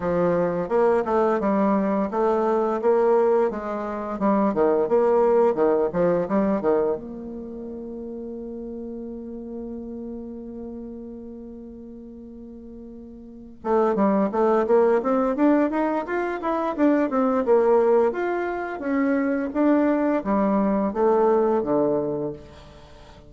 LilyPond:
\new Staff \with { instrumentName = "bassoon" } { \time 4/4 \tempo 4 = 86 f4 ais8 a8 g4 a4 | ais4 gis4 g8 dis8 ais4 | dis8 f8 g8 dis8 ais2~ | ais1~ |
ais2.~ ais8 a8 | g8 a8 ais8 c'8 d'8 dis'8 f'8 e'8 | d'8 c'8 ais4 f'4 cis'4 | d'4 g4 a4 d4 | }